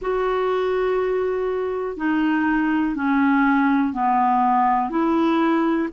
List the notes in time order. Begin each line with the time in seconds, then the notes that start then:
0.01 F#4
1.97 D#4
2.95 C#4
3.93 B3
4.90 E4